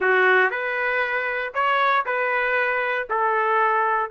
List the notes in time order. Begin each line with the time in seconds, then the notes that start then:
0.00 F#4
0.50 B4
1.54 C#5
2.05 B4
3.09 A4